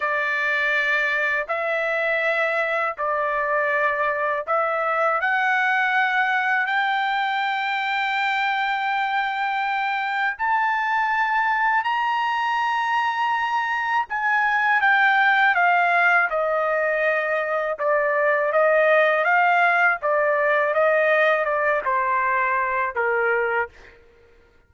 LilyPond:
\new Staff \with { instrumentName = "trumpet" } { \time 4/4 \tempo 4 = 81 d''2 e''2 | d''2 e''4 fis''4~ | fis''4 g''2.~ | g''2 a''2 |
ais''2. gis''4 | g''4 f''4 dis''2 | d''4 dis''4 f''4 d''4 | dis''4 d''8 c''4. ais'4 | }